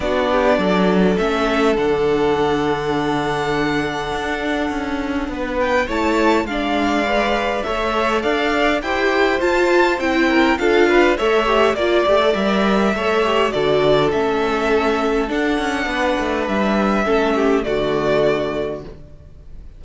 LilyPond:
<<
  \new Staff \with { instrumentName = "violin" } { \time 4/4 \tempo 4 = 102 d''2 e''4 fis''4~ | fis''1~ | fis''4. g''8 a''4 f''4~ | f''4 e''4 f''4 g''4 |
a''4 g''4 f''4 e''4 | d''4 e''2 d''4 | e''2 fis''2 | e''2 d''2 | }
  \new Staff \with { instrumentName = "violin" } { \time 4/4 fis'8 g'8 a'2.~ | a'1~ | a'4 b'4 cis''4 d''4~ | d''4 cis''4 d''4 c''4~ |
c''4. ais'8 a'8 b'8 cis''4 | d''2 cis''4 a'4~ | a'2. b'4~ | b'4 a'8 g'8 fis'2 | }
  \new Staff \with { instrumentName = "viola" } { \time 4/4 d'2 cis'4 d'4~ | d'1~ | d'2 e'4 d'4 | b'4 a'2 g'4 |
f'4 e'4 f'4 a'8 g'8 | f'8 g'16 a'16 ais'4 a'8 g'8 fis'4 | cis'2 d'2~ | d'4 cis'4 a2 | }
  \new Staff \with { instrumentName = "cello" } { \time 4/4 b4 fis4 a4 d4~ | d2. d'4 | cis'4 b4 a4 gis4~ | gis4 a4 d'4 e'4 |
f'4 c'4 d'4 a4 | ais8 a8 g4 a4 d4 | a2 d'8 cis'8 b8 a8 | g4 a4 d2 | }
>>